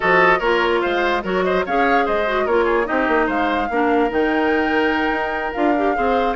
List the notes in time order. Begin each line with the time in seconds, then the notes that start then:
0.00 F3 F#4 A4 D#5
0.38 A#3 F4 A#4 C#5
0.81 G#3 C5 F5
1.23 F#3 F#4 A#4 C#5
1.44 C5 D#5
1.65 C#4 G#4 C#5 F5
2.05 G#3 C5 D#5
2.27 F#4
2.45 A#3 F4 A#4 C#5
2.64 G#4
2.85 C4 D#4 G4 D#5
3.08 A#3
3.26 G#3 C5 F5
3.69 A#3 D4 A#4
4.09 D#3 D#4 G5
5.10 D#4
5.52 D4 F4 F5
5.77 G4
5.95 C4 G#4 C5